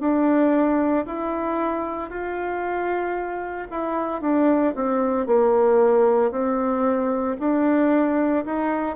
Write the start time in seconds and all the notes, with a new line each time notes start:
0.00 D4
1.06 E4
2.10 F4
3.70 E4
4.22 D4
4.75 C4
5.26 A#3
6.31 C4
7.40 D4
8.45 D#4